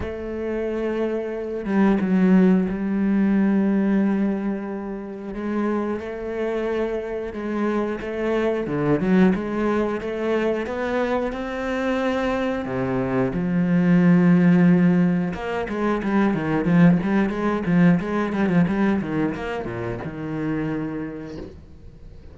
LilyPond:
\new Staff \with { instrumentName = "cello" } { \time 4/4 \tempo 4 = 90 a2~ a8 g8 fis4 | g1 | gis4 a2 gis4 | a4 d8 fis8 gis4 a4 |
b4 c'2 c4 | f2. ais8 gis8 | g8 dis8 f8 g8 gis8 f8 gis8 g16 f16 | g8 dis8 ais8 ais,8 dis2 | }